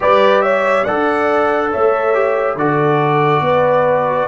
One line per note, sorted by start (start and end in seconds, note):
0.00 0.87 G3
0.00 0.85 G4
0.00 0.42 B4
0.00 0.41 D5
0.41 0.84 C#5
0.41 0.84 E5
0.84 1.73 D4
0.84 2.14 A4
0.84 1.70 D5
0.84 1.70 F#5
1.71 2.55 A3
1.71 2.57 C#5
1.71 2.57 E5
2.14 2.56 G4
2.55 3.40 D3
2.55 4.27 F#4
2.55 3.43 A4
2.55 4.27 D5
3.40 4.26 B3
3.40 4.27 B4